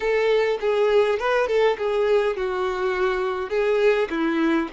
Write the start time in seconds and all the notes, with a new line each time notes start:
0.00 A4
0.60 G#4
1.19 B4
1.47 A4
1.77 G#4
2.36 F#4
3.49 G#4
4.10 E4